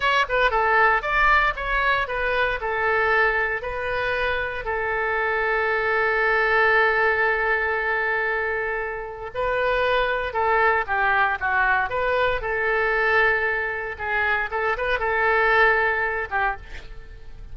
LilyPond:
\new Staff \with { instrumentName = "oboe" } { \time 4/4 \tempo 4 = 116 cis''8 b'8 a'4 d''4 cis''4 | b'4 a'2 b'4~ | b'4 a'2.~ | a'1~ |
a'2 b'2 | a'4 g'4 fis'4 b'4 | a'2. gis'4 | a'8 b'8 a'2~ a'8 g'8 | }